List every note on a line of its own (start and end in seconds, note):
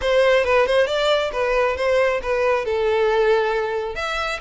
0.01 0.44 C5
0.44 0.66 B4
0.66 0.87 C5
0.87 1.31 D5
1.32 1.76 B4
1.76 2.20 C5
2.22 2.65 B4
2.65 3.95 A4
3.95 4.39 E5